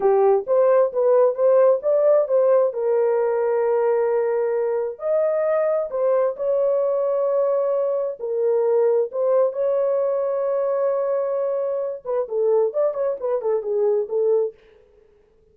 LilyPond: \new Staff \with { instrumentName = "horn" } { \time 4/4 \tempo 4 = 132 g'4 c''4 b'4 c''4 | d''4 c''4 ais'2~ | ais'2. dis''4~ | dis''4 c''4 cis''2~ |
cis''2 ais'2 | c''4 cis''2.~ | cis''2~ cis''8 b'8 a'4 | d''8 cis''8 b'8 a'8 gis'4 a'4 | }